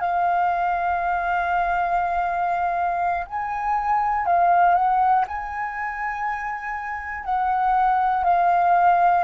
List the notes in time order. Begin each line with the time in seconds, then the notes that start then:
0.00 F5
3.25 G#5
4.25 F5
4.75 F#5
5.27 G#5
7.24 F#5
8.24 F5